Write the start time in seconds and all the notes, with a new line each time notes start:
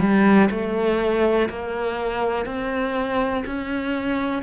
0.00 G3
0.51 A3
1.49 A#3
2.46 C4
3.46 C#4